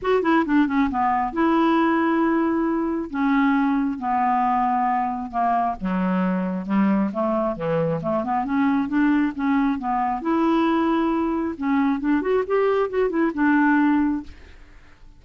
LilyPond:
\new Staff \with { instrumentName = "clarinet" } { \time 4/4 \tempo 4 = 135 fis'8 e'8 d'8 cis'8 b4 e'4~ | e'2. cis'4~ | cis'4 b2. | ais4 fis2 g4 |
a4 e4 a8 b8 cis'4 | d'4 cis'4 b4 e'4~ | e'2 cis'4 d'8 fis'8 | g'4 fis'8 e'8 d'2 | }